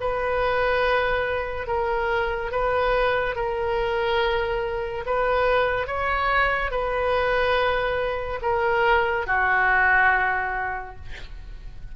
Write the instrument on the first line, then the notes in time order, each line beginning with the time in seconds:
oboe
0.00 B4
1.67 A#4
2.51 B4
3.35 A#4
5.06 B4
5.87 C#5
6.71 B4
8.42 A#4
9.27 F#4